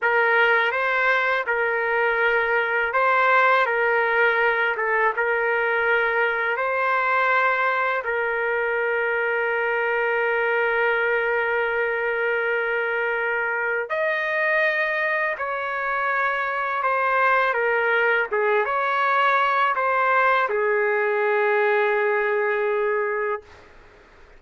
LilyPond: \new Staff \with { instrumentName = "trumpet" } { \time 4/4 \tempo 4 = 82 ais'4 c''4 ais'2 | c''4 ais'4. a'8 ais'4~ | ais'4 c''2 ais'4~ | ais'1~ |
ais'2. dis''4~ | dis''4 cis''2 c''4 | ais'4 gis'8 cis''4. c''4 | gis'1 | }